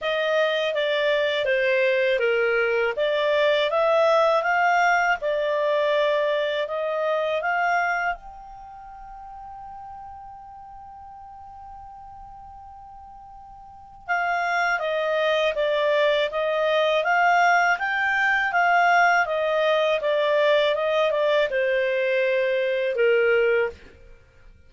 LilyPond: \new Staff \with { instrumentName = "clarinet" } { \time 4/4 \tempo 4 = 81 dis''4 d''4 c''4 ais'4 | d''4 e''4 f''4 d''4~ | d''4 dis''4 f''4 g''4~ | g''1~ |
g''2. f''4 | dis''4 d''4 dis''4 f''4 | g''4 f''4 dis''4 d''4 | dis''8 d''8 c''2 ais'4 | }